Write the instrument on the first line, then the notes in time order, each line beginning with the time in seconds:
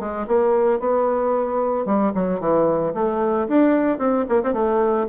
bassoon
0.00 G#3
0.28 A#3
0.80 B3
1.86 G3
2.15 F#3
2.40 E3
2.95 A3
3.48 D4
3.99 C4
4.30 A#3
4.44 C4
4.54 A3